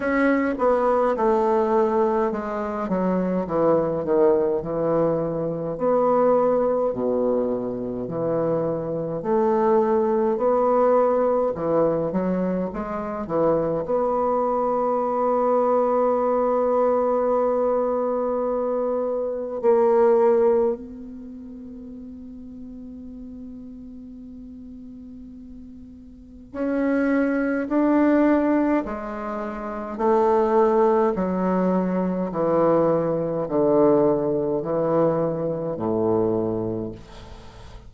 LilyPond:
\new Staff \with { instrumentName = "bassoon" } { \time 4/4 \tempo 4 = 52 cis'8 b8 a4 gis8 fis8 e8 dis8 | e4 b4 b,4 e4 | a4 b4 e8 fis8 gis8 e8 | b1~ |
b4 ais4 b2~ | b2. cis'4 | d'4 gis4 a4 fis4 | e4 d4 e4 a,4 | }